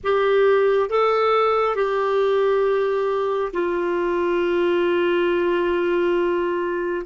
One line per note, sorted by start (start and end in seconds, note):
0.03 0.89 G4
0.89 1.75 A4
1.75 3.52 G4
3.53 7.05 F4